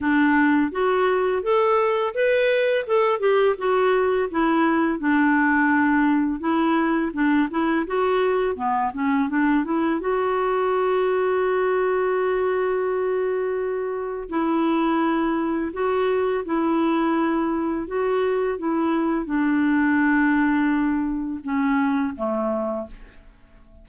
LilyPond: \new Staff \with { instrumentName = "clarinet" } { \time 4/4 \tempo 4 = 84 d'4 fis'4 a'4 b'4 | a'8 g'8 fis'4 e'4 d'4~ | d'4 e'4 d'8 e'8 fis'4 | b8 cis'8 d'8 e'8 fis'2~ |
fis'1 | e'2 fis'4 e'4~ | e'4 fis'4 e'4 d'4~ | d'2 cis'4 a4 | }